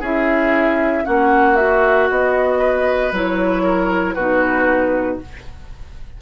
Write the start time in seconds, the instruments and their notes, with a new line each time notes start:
0.00 bassoon C#4, clarinet E4, oboe G#4, flute E5
1.05 bassoon A#3, clarinet C#4, oboe F#4, flute F#5
1.56 clarinet F#4, flute E5
2.10 bassoon B3, flute D#5
2.59 oboe B4
3.12 bassoon F#3, clarinet E4, flute C#5
3.63 oboe A#4
4.14 bassoon B2, clarinet D#4, oboe F#4, flute B4